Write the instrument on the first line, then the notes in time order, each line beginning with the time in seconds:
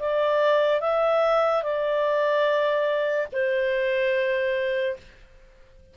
clarinet
0.00 D5
0.81 E5
1.63 D5
3.33 C5